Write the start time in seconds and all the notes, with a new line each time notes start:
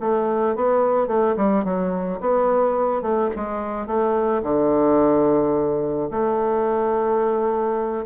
0.00 A3
0.56 B3
1.07 A3
1.37 G3
1.65 F#3
2.20 B3
3.02 A3
3.36 G#3
3.87 A3
4.43 D3
6.11 A3